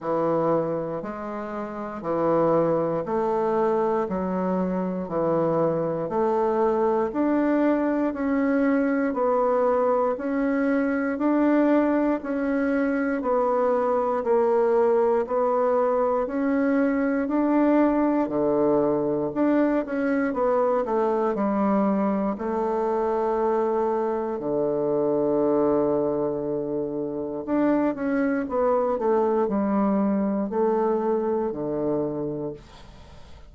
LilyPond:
\new Staff \with { instrumentName = "bassoon" } { \time 4/4 \tempo 4 = 59 e4 gis4 e4 a4 | fis4 e4 a4 d'4 | cis'4 b4 cis'4 d'4 | cis'4 b4 ais4 b4 |
cis'4 d'4 d4 d'8 cis'8 | b8 a8 g4 a2 | d2. d'8 cis'8 | b8 a8 g4 a4 d4 | }